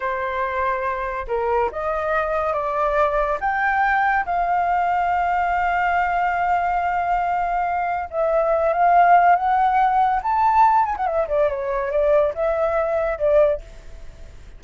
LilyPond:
\new Staff \with { instrumentName = "flute" } { \time 4/4 \tempo 4 = 141 c''2. ais'4 | dis''2 d''2 | g''2 f''2~ | f''1~ |
f''2. e''4~ | e''8 f''4. fis''2 | a''4. gis''16 fis''16 e''8 d''8 cis''4 | d''4 e''2 d''4 | }